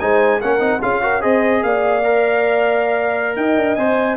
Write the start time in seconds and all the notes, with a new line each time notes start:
0.00 G#3 D#4 C5 G#5
0.40 A#3 C#4 A#4 F#5
0.59 C4 D#4
0.82 C#4 F4 G#4 F5
1.02 F#4 A#4
1.21 C4 G#4 C5 D#5
1.63 A#3 D5 F5
2.04 A#4
3.36 D#4 D#5 G5
3.57 D4
3.76 C4 C5 G#5